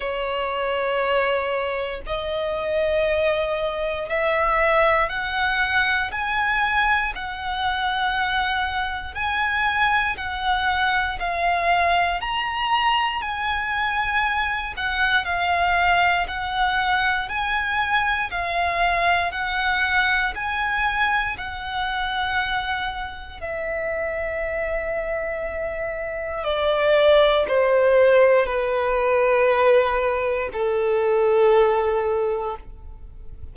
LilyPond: \new Staff \with { instrumentName = "violin" } { \time 4/4 \tempo 4 = 59 cis''2 dis''2 | e''4 fis''4 gis''4 fis''4~ | fis''4 gis''4 fis''4 f''4 | ais''4 gis''4. fis''8 f''4 |
fis''4 gis''4 f''4 fis''4 | gis''4 fis''2 e''4~ | e''2 d''4 c''4 | b'2 a'2 | }